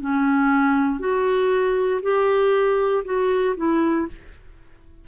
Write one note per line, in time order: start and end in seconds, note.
0.00 0.99 C#4
0.99 2.01 F#4
2.02 3.04 G4
3.04 3.55 F#4
3.56 4.07 E4